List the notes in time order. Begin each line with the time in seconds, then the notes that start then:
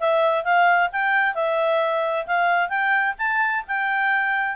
0.00 E5
0.44 F5
0.92 G5
1.34 E5
2.26 F5
2.69 G5
3.18 A5
3.67 G5